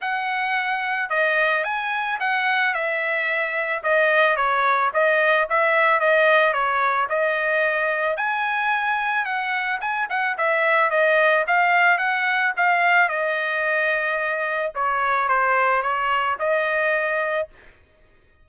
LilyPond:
\new Staff \with { instrumentName = "trumpet" } { \time 4/4 \tempo 4 = 110 fis''2 dis''4 gis''4 | fis''4 e''2 dis''4 | cis''4 dis''4 e''4 dis''4 | cis''4 dis''2 gis''4~ |
gis''4 fis''4 gis''8 fis''8 e''4 | dis''4 f''4 fis''4 f''4 | dis''2. cis''4 | c''4 cis''4 dis''2 | }